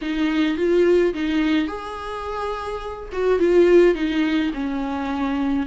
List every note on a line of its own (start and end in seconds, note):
0.01 0.57 D#4
0.57 1.13 F4
1.13 1.67 D#4
1.67 3.09 G#4
3.12 3.39 F#4
3.39 3.94 F4
3.94 4.51 D#4
4.53 5.66 C#4